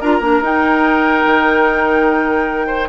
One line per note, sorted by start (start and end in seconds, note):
0.00 0.20 D4
0.00 0.21 F4
0.00 2.66 A#4
0.00 0.42 A#5
0.20 0.40 A#3
0.20 0.42 D4
0.41 1.23 D#4
0.41 2.89 D#4
0.41 2.89 G5
1.25 2.89 D#3
2.66 2.87 C5